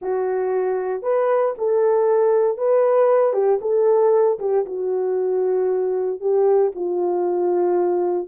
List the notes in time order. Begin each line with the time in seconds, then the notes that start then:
0.01 F#4
1.02 B4
1.58 A4
2.57 B4
3.33 G4
3.61 A4
4.39 G4
4.65 F#4
6.20 G4
6.75 F4